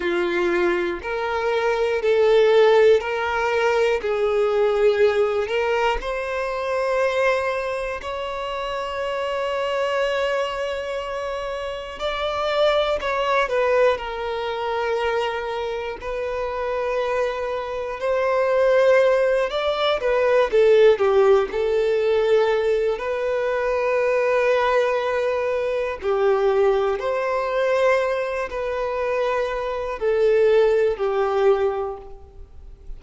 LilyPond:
\new Staff \with { instrumentName = "violin" } { \time 4/4 \tempo 4 = 60 f'4 ais'4 a'4 ais'4 | gis'4. ais'8 c''2 | cis''1 | d''4 cis''8 b'8 ais'2 |
b'2 c''4. d''8 | b'8 a'8 g'8 a'4. b'4~ | b'2 g'4 c''4~ | c''8 b'4. a'4 g'4 | }